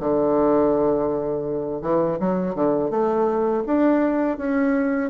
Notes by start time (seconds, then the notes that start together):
0.00 D3
1.82 E3
2.20 F#3
2.55 D3
2.90 A3
3.67 D4
4.38 C#4